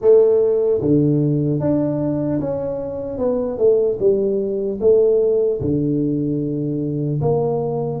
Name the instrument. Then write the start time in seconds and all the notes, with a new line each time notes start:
tuba
0.01 A3
0.81 D3
1.60 D4
2.40 C#4
3.18 B3
3.57 A3
3.99 G3
4.80 A3
5.60 D3
7.21 A#3